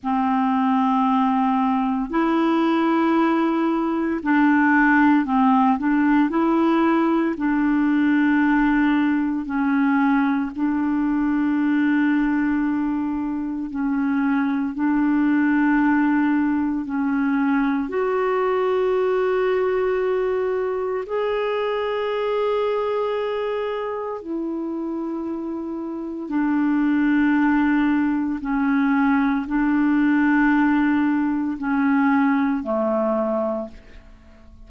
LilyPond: \new Staff \with { instrumentName = "clarinet" } { \time 4/4 \tempo 4 = 57 c'2 e'2 | d'4 c'8 d'8 e'4 d'4~ | d'4 cis'4 d'2~ | d'4 cis'4 d'2 |
cis'4 fis'2. | gis'2. e'4~ | e'4 d'2 cis'4 | d'2 cis'4 a4 | }